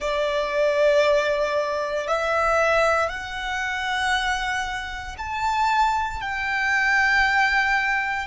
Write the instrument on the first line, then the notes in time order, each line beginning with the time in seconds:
violin
0.00 D5
2.07 E5
3.09 F#5
5.17 A5
6.21 G5